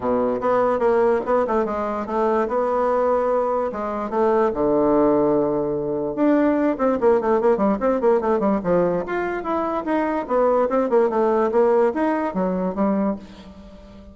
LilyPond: \new Staff \with { instrumentName = "bassoon" } { \time 4/4 \tempo 4 = 146 b,4 b4 ais4 b8 a8 | gis4 a4 b2~ | b4 gis4 a4 d4~ | d2. d'4~ |
d'8 c'8 ais8 a8 ais8 g8 c'8 ais8 | a8 g8 f4 f'4 e'4 | dis'4 b4 c'8 ais8 a4 | ais4 dis'4 fis4 g4 | }